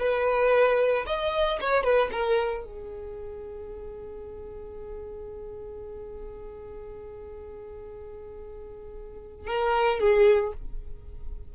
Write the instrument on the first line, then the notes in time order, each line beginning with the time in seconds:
violin
0.00 B4
1.07 D#5
1.61 C#5
1.84 B4
2.12 A#4
2.65 G#4
9.48 A#4
10.00 G#4